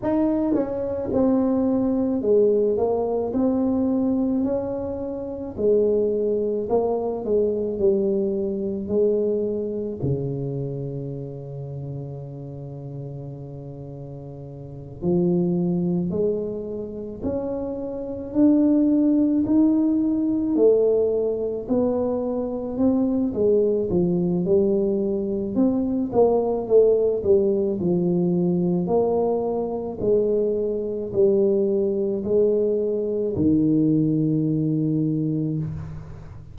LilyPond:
\new Staff \with { instrumentName = "tuba" } { \time 4/4 \tempo 4 = 54 dis'8 cis'8 c'4 gis8 ais8 c'4 | cis'4 gis4 ais8 gis8 g4 | gis4 cis2.~ | cis4. f4 gis4 cis'8~ |
cis'8 d'4 dis'4 a4 b8~ | b8 c'8 gis8 f8 g4 c'8 ais8 | a8 g8 f4 ais4 gis4 | g4 gis4 dis2 | }